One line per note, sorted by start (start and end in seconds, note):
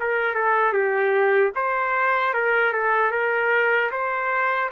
0.00 0.35 A#4
0.35 0.74 A4
0.74 1.53 G4
1.56 2.34 C5
2.34 2.73 A#4
2.73 3.12 A4
3.12 3.91 A#4
3.92 4.71 C5